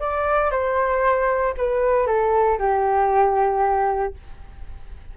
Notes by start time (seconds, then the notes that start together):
0.00 D5
0.51 C5
1.58 B4
2.07 A4
2.59 G4